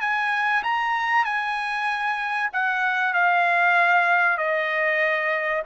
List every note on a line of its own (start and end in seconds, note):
0.00 0.62 G#5
0.63 1.25 A#5
1.25 2.50 G#5
2.52 3.13 F#5
3.13 4.37 F5
4.37 5.62 D#5